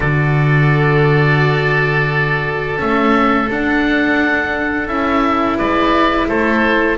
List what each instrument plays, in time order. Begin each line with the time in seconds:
0.00 double bass D3, cello F#4, oboe A4 D5
2.77 double bass A3, cello C#4, oboe E5
3.49 cello D4, double bass D4, oboe F#5
4.87 double bass C#4, cello E4, oboe E5
5.58 double bass G#3, oboe B4 D5
6.28 double bass A3, oboe A4 C5